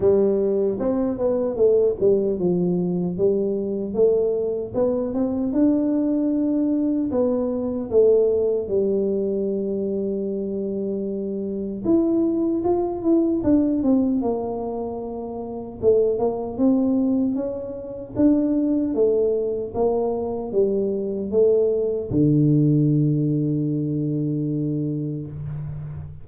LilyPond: \new Staff \with { instrumentName = "tuba" } { \time 4/4 \tempo 4 = 76 g4 c'8 b8 a8 g8 f4 | g4 a4 b8 c'8 d'4~ | d'4 b4 a4 g4~ | g2. e'4 |
f'8 e'8 d'8 c'8 ais2 | a8 ais8 c'4 cis'4 d'4 | a4 ais4 g4 a4 | d1 | }